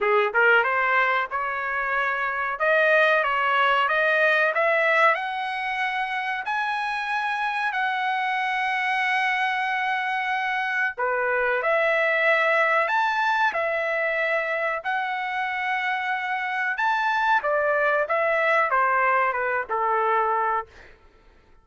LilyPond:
\new Staff \with { instrumentName = "trumpet" } { \time 4/4 \tempo 4 = 93 gis'8 ais'8 c''4 cis''2 | dis''4 cis''4 dis''4 e''4 | fis''2 gis''2 | fis''1~ |
fis''4 b'4 e''2 | a''4 e''2 fis''4~ | fis''2 a''4 d''4 | e''4 c''4 b'8 a'4. | }